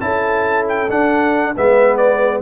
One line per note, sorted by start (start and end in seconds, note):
0.00 0.89 C#4
0.00 0.88 E4
0.00 1.55 A4
0.00 0.66 A5
0.68 0.90 G5
0.89 1.54 D4
0.89 1.55 D4
0.89 1.56 F#5
1.55 2.42 G#3
1.55 2.42 B3
1.55 2.42 B4
1.55 1.97 E5
1.97 2.41 D5